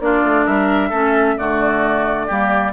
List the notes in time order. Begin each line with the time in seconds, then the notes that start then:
0.00 A#3 D4 F4 D5
0.24 A3
0.45 G3 A#4 E5
0.89 A3 C#4 A4
1.37 D3 A3 F#4 D5
2.27 G3 A#3 G4